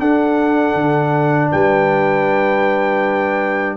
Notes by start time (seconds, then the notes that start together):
0.00 D4 A4 F#5
0.75 D3
1.52 G3 B4 G5